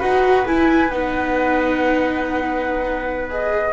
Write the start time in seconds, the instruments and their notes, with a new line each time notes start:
0.00 double bass D#4, viola F#4, trumpet B4, flute F#5
0.46 viola E4, double bass E4, flute G#5
0.90 double bass B3, viola D#4, flute F#5
3.30 viola G#4, flute D#5